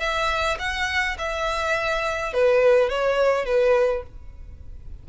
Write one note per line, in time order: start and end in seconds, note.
0.00 0.58 E5
0.59 1.17 F#5
1.18 2.33 E5
2.33 2.90 B4
2.90 3.46 C#5
3.46 4.03 B4